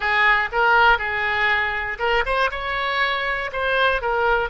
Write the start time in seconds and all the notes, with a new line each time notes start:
0.00 G#4
0.51 A#4
0.98 G#4
1.98 A#4
2.25 C5
2.50 C#5
3.52 C5
4.01 A#4